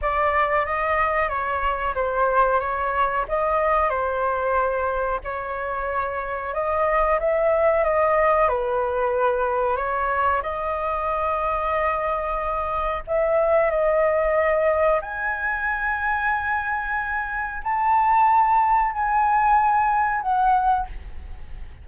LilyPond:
\new Staff \with { instrumentName = "flute" } { \time 4/4 \tempo 4 = 92 d''4 dis''4 cis''4 c''4 | cis''4 dis''4 c''2 | cis''2 dis''4 e''4 | dis''4 b'2 cis''4 |
dis''1 | e''4 dis''2 gis''4~ | gis''2. a''4~ | a''4 gis''2 fis''4 | }